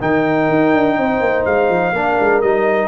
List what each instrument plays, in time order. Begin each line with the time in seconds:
0.00 tuba D#3, trombone D#4, horn A#4, trumpet G5
0.49 tuba D#4
0.74 tuba D4
0.98 tuba C4, horn C5
1.20 tuba A#3
1.45 tuba G#3, trumpet F5
1.69 tuba F3
1.92 tuba A#3, trombone D4, horn A#4
2.20 tuba G#3
2.41 tuba G3, trombone D#4, trumpet D#5